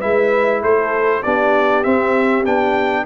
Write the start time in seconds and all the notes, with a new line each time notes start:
0.00 G#3 E4 B4 E5
0.62 A3 A4 C5
1.23 B3 D4 G4 D5
1.83 C4 E5
2.45 B3 D4 G5